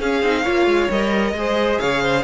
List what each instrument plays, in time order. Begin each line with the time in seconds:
0.00 cello C#4, viola C#4, violin G#4 F5
0.22 cello C4, viola D#4
0.43 cello A#3, viola F4, violin C#5
0.67 cello G#3
0.90 cello G3, viola A#4, violin D#5
1.33 cello G#3, viola G#4, violin C5
1.79 cello C#3, violin C#5 F5
2.02 violin C5